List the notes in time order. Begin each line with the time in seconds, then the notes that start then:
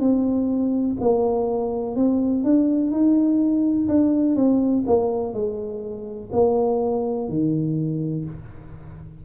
0.00 C4
1.00 A#3
1.96 C4
2.44 D4
2.91 D#4
3.88 D4
4.36 C4
4.87 A#3
5.34 G#3
6.33 A#3
7.28 D#3